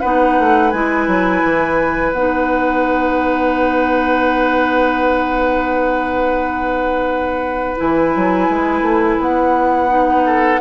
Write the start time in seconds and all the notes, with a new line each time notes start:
0.00 B3 D#4 B4 F#5
0.39 A3
0.70 G#3 E4 G#5
1.07 F#3
1.44 E3
2.11 B3 D#4 F#5
7.77 E3 E4 G#5
8.15 F#3
8.49 G#3
8.81 A3
9.20 B3 F#5
9.88 D#4
10.25 A4